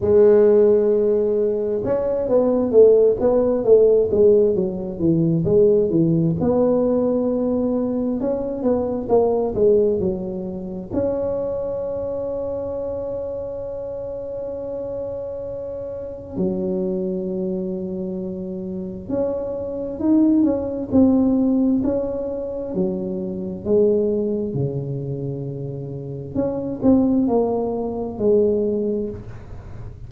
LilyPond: \new Staff \with { instrumentName = "tuba" } { \time 4/4 \tempo 4 = 66 gis2 cis'8 b8 a8 b8 | a8 gis8 fis8 e8 gis8 e8 b4~ | b4 cis'8 b8 ais8 gis8 fis4 | cis'1~ |
cis'2 fis2~ | fis4 cis'4 dis'8 cis'8 c'4 | cis'4 fis4 gis4 cis4~ | cis4 cis'8 c'8 ais4 gis4 | }